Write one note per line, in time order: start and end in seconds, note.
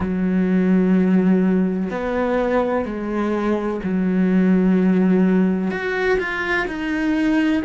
0.00 1.89 F#3
1.90 2.85 B3
2.85 3.80 G#3
3.84 5.71 F#3
5.71 6.18 F#4
6.19 6.66 F4
6.67 7.62 D#4